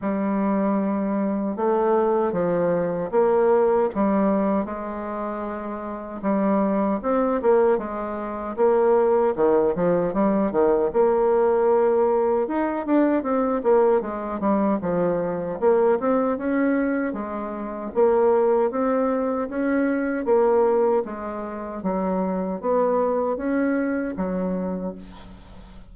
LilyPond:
\new Staff \with { instrumentName = "bassoon" } { \time 4/4 \tempo 4 = 77 g2 a4 f4 | ais4 g4 gis2 | g4 c'8 ais8 gis4 ais4 | dis8 f8 g8 dis8 ais2 |
dis'8 d'8 c'8 ais8 gis8 g8 f4 | ais8 c'8 cis'4 gis4 ais4 | c'4 cis'4 ais4 gis4 | fis4 b4 cis'4 fis4 | }